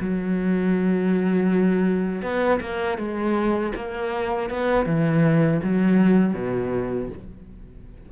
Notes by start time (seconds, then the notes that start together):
0.00 F#3
2.22 B3
2.60 A#3
2.97 G#3
3.75 A#3
4.50 B3
4.85 E3
5.63 F#3
6.34 B2